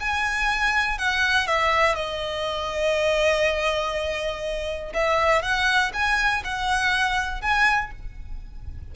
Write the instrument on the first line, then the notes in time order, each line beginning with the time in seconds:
violin
0.00 G#5
0.98 F#5
1.47 E5
1.96 D#5
4.94 E5
5.43 F#5
5.94 G#5
6.45 F#5
7.42 G#5